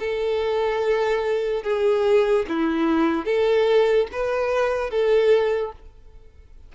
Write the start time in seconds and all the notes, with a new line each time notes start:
0.00 A4
1.64 G#4
2.49 E4
3.26 A4
4.12 B4
4.91 A4